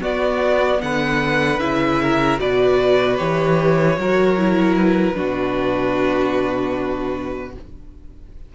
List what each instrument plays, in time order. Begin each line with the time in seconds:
0.00 viola B3, cello B3, violin F#4 D5
0.81 cello D3, violin B4 F#5
1.59 cello C#3, viola E4, violin E5
2.02 violin A#4
2.38 cello B2, viola F#4, violin B4 D5
3.17 cello E3, viola G4, violin C#5
3.97 cello F#3, viola F#4, violin A#4
4.37 viola E4
4.75 violin B4
5.14 cello B2, viola D4, violin F#4